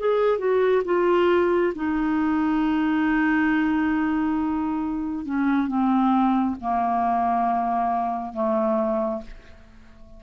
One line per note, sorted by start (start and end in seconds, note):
0.00 0.39 G#4
0.39 0.83 F#4
0.85 1.74 F4
1.76 5.26 D#4
5.26 5.68 C#4
5.68 6.56 C4
6.61 8.34 A#3
8.34 9.22 A3